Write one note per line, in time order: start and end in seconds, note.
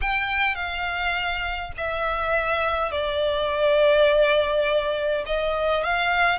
0.01 0.55 G5
0.55 1.72 F5
1.77 2.91 E5
2.91 5.24 D5
5.26 5.83 D#5
5.83 6.38 F5